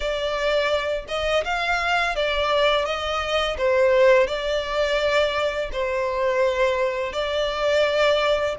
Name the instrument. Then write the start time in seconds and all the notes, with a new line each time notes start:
violin
0.00 D5
1.08 D#5
1.44 F5
2.15 D5
2.85 D#5
3.57 C5
4.27 D5
5.72 C5
7.12 D5